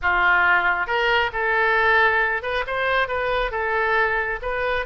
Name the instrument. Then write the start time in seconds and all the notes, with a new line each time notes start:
oboe
0.02 F4
0.86 A#4
1.32 A4
2.42 B4
2.66 C5
3.08 B4
3.51 A4
4.42 B4